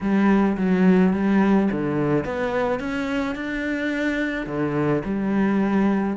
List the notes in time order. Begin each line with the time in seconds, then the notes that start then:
0.01 G3
0.57 F#3
1.13 G3
1.71 D3
2.24 B3
2.79 C#4
3.35 D4
4.46 D3
5.04 G3